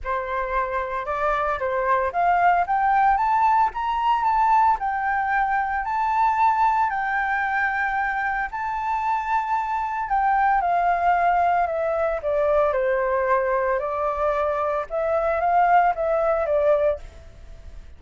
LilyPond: \new Staff \with { instrumentName = "flute" } { \time 4/4 \tempo 4 = 113 c''2 d''4 c''4 | f''4 g''4 a''4 ais''4 | a''4 g''2 a''4~ | a''4 g''2. |
a''2. g''4 | f''2 e''4 d''4 | c''2 d''2 | e''4 f''4 e''4 d''4 | }